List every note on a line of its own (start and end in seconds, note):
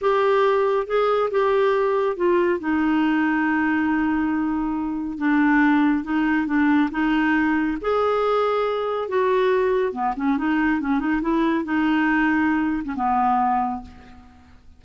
0.01 0.87 G4
0.87 1.30 G#4
1.30 2.16 G4
2.16 2.59 F4
2.59 5.18 D#4
5.18 6.04 D4
6.04 6.46 D#4
6.46 6.89 D4
6.91 7.77 D#4
7.81 9.08 G#4
9.08 9.92 F#4
9.92 10.14 B3
10.16 10.37 C#4
10.37 10.80 D#4
10.80 10.99 C#4
10.99 11.21 D#4
11.21 11.64 E4
11.64 12.83 D#4
12.84 12.95 C#4
12.95 13.81 B3